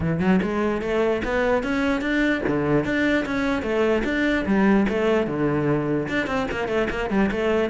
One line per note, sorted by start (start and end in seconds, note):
0.00 0.19 E3
0.19 0.39 F#3
0.42 0.81 G#3
0.81 1.22 A3
1.24 1.63 B3
1.63 2.01 C#4
2.01 2.41 D4
2.47 2.84 D3
2.84 3.25 D4
3.25 3.62 C#4
3.62 4.02 A3
4.04 4.45 D4
4.46 4.86 G3
4.88 5.26 A3
5.26 6.08 D3
6.08 6.26 D4
6.26 6.47 C4
6.51 6.67 A#3
6.67 6.88 A3
6.90 7.10 A#3
7.10 7.30 G3
7.31 7.70 A3